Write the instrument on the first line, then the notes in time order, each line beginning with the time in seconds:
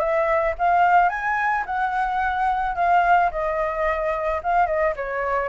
flute
0.00 E5
0.59 F5
1.10 G#5
1.66 F#5
2.76 F5
3.32 D#5
4.44 F5
4.67 D#5
4.97 C#5